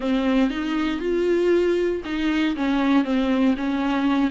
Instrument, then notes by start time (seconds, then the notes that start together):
viola
0.00 C4
0.49 D#4
1.00 F4
2.04 D#4
2.56 C#4
3.04 C4
3.56 C#4